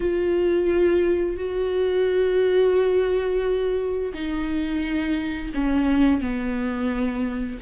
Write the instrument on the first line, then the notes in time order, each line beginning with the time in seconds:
viola
0.00 F4
1.36 F#4
4.13 D#4
5.54 C#4
6.20 B3